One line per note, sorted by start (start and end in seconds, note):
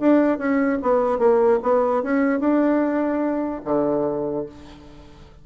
0.00 0.39 D4
0.39 0.79 C#4
0.83 1.19 B3
1.19 1.60 A#3
1.63 2.03 B3
2.03 2.40 C#4
2.40 3.62 D4
3.65 4.46 D3